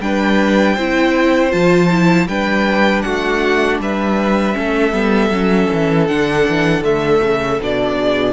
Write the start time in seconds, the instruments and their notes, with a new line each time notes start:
0.00 cello G3, viola D4, violin B4 G5
0.75 cello C4, viola E4, violin C5
1.50 cello F3, viola F4, violin A5
1.90 viola E4
2.27 cello G3, viola D4, violin B4 G5
3.02 cello A3, violin F#4 F#5
3.79 cello G3, violin B4 E5
4.53 cello A3, viola C#4, violin A4
4.92 cello G3, viola B3
5.30 cello F#3, viola C#4
5.72 cello E3
6.06 cello D3, viola D4, violin F#5
6.48 cello E3
6.81 cello D3, viola A3, violin E5
7.21 cello C#3
7.61 cello B2, viola D4, violin D5
7.98 violin G#4